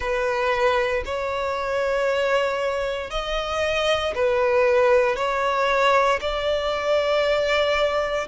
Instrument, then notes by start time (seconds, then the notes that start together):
violin
0.00 B4
1.05 C#5
3.10 D#5
4.14 B4
5.16 C#5
6.21 D5